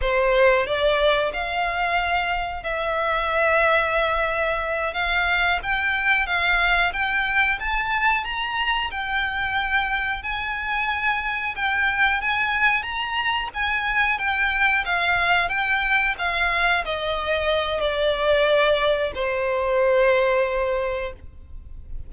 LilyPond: \new Staff \with { instrumentName = "violin" } { \time 4/4 \tempo 4 = 91 c''4 d''4 f''2 | e''2.~ e''8 f''8~ | f''8 g''4 f''4 g''4 a''8~ | a''8 ais''4 g''2 gis''8~ |
gis''4. g''4 gis''4 ais''8~ | ais''8 gis''4 g''4 f''4 g''8~ | g''8 f''4 dis''4. d''4~ | d''4 c''2. | }